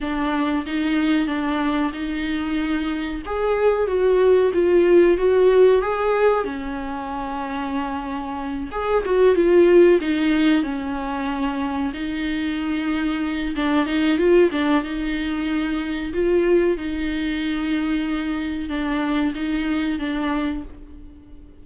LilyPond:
\new Staff \with { instrumentName = "viola" } { \time 4/4 \tempo 4 = 93 d'4 dis'4 d'4 dis'4~ | dis'4 gis'4 fis'4 f'4 | fis'4 gis'4 cis'2~ | cis'4. gis'8 fis'8 f'4 dis'8~ |
dis'8 cis'2 dis'4.~ | dis'4 d'8 dis'8 f'8 d'8 dis'4~ | dis'4 f'4 dis'2~ | dis'4 d'4 dis'4 d'4 | }